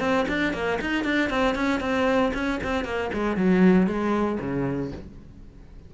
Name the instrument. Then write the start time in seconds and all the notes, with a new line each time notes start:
cello
0.00 C4
0.28 D4
0.53 A#3
0.81 D#4
1.05 D4
1.30 C4
1.55 C#4
1.81 C4
2.34 C#4
2.64 C4
2.85 A#3
3.14 G#3
3.37 F#3
3.87 G#3
4.40 C#3